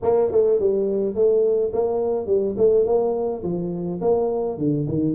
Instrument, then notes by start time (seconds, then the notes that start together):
tuba
0.02 A#3
0.31 A3
0.59 G3
1.14 A3
1.73 A#3
2.26 G3
2.57 A3
2.85 A#3
3.43 F3
4.01 A#3
4.58 D3
4.88 D#3